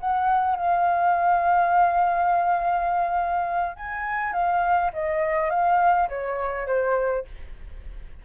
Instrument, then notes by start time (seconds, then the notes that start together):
flute
0.00 F#5
0.56 F5
3.77 G#5
4.33 F5
4.93 D#5
5.50 F5
6.09 C#5
6.67 C5